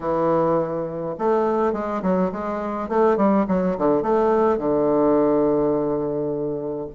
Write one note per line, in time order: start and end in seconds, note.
0.00 1.15 E3
1.18 1.72 A3
1.72 2.01 G#3
2.02 2.31 F#3
2.32 2.88 G#3
2.88 3.17 A3
3.17 3.45 G3
3.47 3.76 F#3
3.77 4.02 D3
4.02 4.58 A3
4.58 6.88 D3